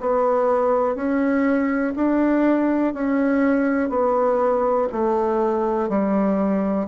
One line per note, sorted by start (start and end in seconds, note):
0.00 0.95 B3
0.95 1.93 C#4
1.95 2.94 D4
2.94 3.89 C#4
3.89 4.87 B3
4.92 5.89 A3
5.89 6.87 G3